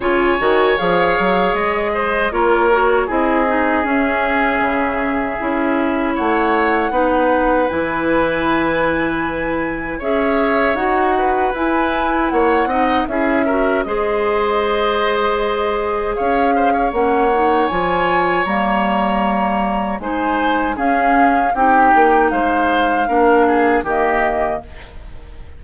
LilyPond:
<<
  \new Staff \with { instrumentName = "flute" } { \time 4/4 \tempo 4 = 78 gis''4 f''4 dis''4 cis''4 | dis''4 e''2. | fis''2 gis''2~ | gis''4 e''4 fis''4 gis''4 |
fis''4 e''4 dis''2~ | dis''4 f''4 fis''4 gis''4 | ais''2 gis''4 f''4 | g''4 f''2 dis''4 | }
  \new Staff \with { instrumentName = "oboe" } { \time 4/4 cis''2~ cis''8 c''8 ais'4 | gis'1 | cis''4 b'2.~ | b'4 cis''4. b'4. |
cis''8 dis''8 gis'8 ais'8 c''2~ | c''4 cis''8 c''16 cis''2~ cis''16~ | cis''2 c''4 gis'4 | g'4 c''4 ais'8 gis'8 g'4 | }
  \new Staff \with { instrumentName = "clarinet" } { \time 4/4 f'8 fis'8 gis'2 f'8 fis'8 | e'8 dis'8 cis'2 e'4~ | e'4 dis'4 e'2~ | e'4 gis'4 fis'4 e'4~ |
e'8 dis'8 e'8 fis'8 gis'2~ | gis'2 cis'8 dis'8 f'4 | ais2 dis'4 cis'4 | dis'2 d'4 ais4 | }
  \new Staff \with { instrumentName = "bassoon" } { \time 4/4 cis8 dis8 f8 fis8 gis4 ais4 | c'4 cis'4 cis4 cis'4 | a4 b4 e2~ | e4 cis'4 dis'4 e'4 |
ais8 c'8 cis'4 gis2~ | gis4 cis'4 ais4 f4 | g2 gis4 cis'4 | c'8 ais8 gis4 ais4 dis4 | }
>>